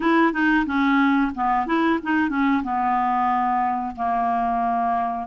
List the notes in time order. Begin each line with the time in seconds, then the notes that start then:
0.00 E4
0.32 D#4
0.66 C#4
1.34 B3
1.66 E4
2.02 D#4
2.29 C#4
2.63 B3
3.95 A#3